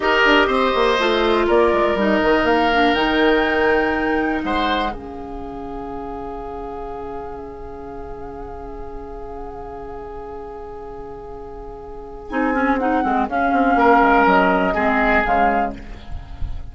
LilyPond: <<
  \new Staff \with { instrumentName = "flute" } { \time 4/4 \tempo 4 = 122 dis''2. d''4 | dis''4 f''4 g''2~ | g''4 fis''4 f''2~ | f''1~ |
f''1~ | f''1~ | f''4 gis''4 fis''4 f''4~ | f''4 dis''2 f''4 | }
  \new Staff \with { instrumentName = "oboe" } { \time 4/4 ais'4 c''2 ais'4~ | ais'1~ | ais'4 c''4 gis'2~ | gis'1~ |
gis'1~ | gis'1~ | gis'1 | ais'2 gis'2 | }
  \new Staff \with { instrumentName = "clarinet" } { \time 4/4 g'2 f'2 | dis'4. d'8 dis'2~ | dis'2 cis'2~ | cis'1~ |
cis'1~ | cis'1~ | cis'4 dis'8 cis'8 dis'8 c'8 cis'4~ | cis'2 c'4 gis4 | }
  \new Staff \with { instrumentName = "bassoon" } { \time 4/4 dis'8 d'8 c'8 ais8 a4 ais8 gis8 | g8 dis8 ais4 dis2~ | dis4 gis4 cis2~ | cis1~ |
cis1~ | cis1~ | cis4 c'4. gis8 cis'8 c'8 | ais8 gis8 fis4 gis4 cis4 | }
>>